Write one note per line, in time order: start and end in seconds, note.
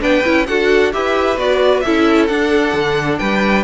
0.00 0.25 B3
0.00 0.23 D4
0.00 0.47 B4
0.00 0.46 G5
0.25 0.48 C#4
0.25 0.47 E4
0.46 0.94 D4
0.46 0.92 F#4
0.46 0.94 A4
0.46 0.92 F#5
0.92 1.37 E4
0.92 1.38 G4
0.92 1.85 B4
0.92 1.39 E5
1.37 1.82 B3
1.37 1.83 F#4
1.37 1.81 D5
1.81 2.30 C#4
1.81 2.29 E4
1.81 3.19 A4
1.81 2.26 E5
2.28 3.64 D4
2.28 2.74 D4
2.28 3.18 F#5
2.74 3.19 D3
3.18 3.64 G3
3.18 3.64 B4
3.18 3.64 G5